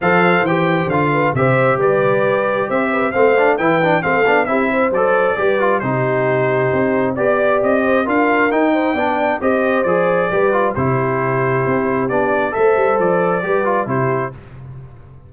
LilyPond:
<<
  \new Staff \with { instrumentName = "trumpet" } { \time 4/4 \tempo 4 = 134 f''4 g''4 f''4 e''4 | d''2 e''4 f''4 | g''4 f''4 e''4 d''4~ | d''4 c''2. |
d''4 dis''4 f''4 g''4~ | g''4 dis''4 d''2 | c''2. d''4 | e''4 d''2 c''4 | }
  \new Staff \with { instrumentName = "horn" } { \time 4/4 c''2~ c''8 b'8 c''4 | b'2 c''8 b'8 c''4 | b'4 a'4 g'8 c''4. | b'4 g'2. |
d''4. c''8 ais'4. c''8 | d''4 c''2 b'4 | g'1 | c''2 b'4 g'4 | }
  \new Staff \with { instrumentName = "trombone" } { \time 4/4 a'4 g'4 f'4 g'4~ | g'2. c'8 d'8 | e'8 d'8 c'8 d'8 e'4 a'4 | g'8 f'8 dis'2. |
g'2 f'4 dis'4 | d'4 g'4 gis'4 g'8 f'8 | e'2. d'4 | a'2 g'8 f'8 e'4 | }
  \new Staff \with { instrumentName = "tuba" } { \time 4/4 f4 e4 d4 c4 | g2 c'4 a4 | e4 a8 b8 c'4 fis4 | g4 c2 c'4 |
b4 c'4 d'4 dis'4 | b4 c'4 f4 g4 | c2 c'4 b4 | a8 g8 f4 g4 c4 | }
>>